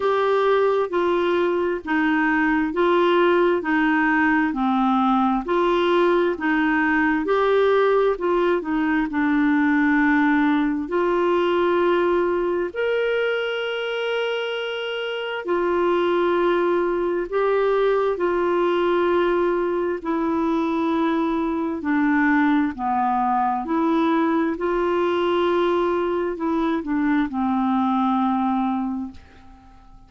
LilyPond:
\new Staff \with { instrumentName = "clarinet" } { \time 4/4 \tempo 4 = 66 g'4 f'4 dis'4 f'4 | dis'4 c'4 f'4 dis'4 | g'4 f'8 dis'8 d'2 | f'2 ais'2~ |
ais'4 f'2 g'4 | f'2 e'2 | d'4 b4 e'4 f'4~ | f'4 e'8 d'8 c'2 | }